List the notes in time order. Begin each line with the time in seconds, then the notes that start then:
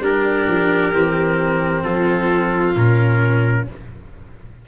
0.00 G3 D4 G4 A#4
0.48 F3
0.92 E3 C4
1.83 F3 F4 A4
2.75 A#2 C#4 A#4